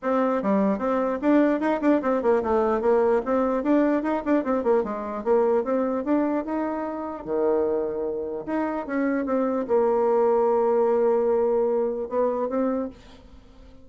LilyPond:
\new Staff \with { instrumentName = "bassoon" } { \time 4/4 \tempo 4 = 149 c'4 g4 c'4 d'4 | dis'8 d'8 c'8 ais8 a4 ais4 | c'4 d'4 dis'8 d'8 c'8 ais8 | gis4 ais4 c'4 d'4 |
dis'2 dis2~ | dis4 dis'4 cis'4 c'4 | ais1~ | ais2 b4 c'4 | }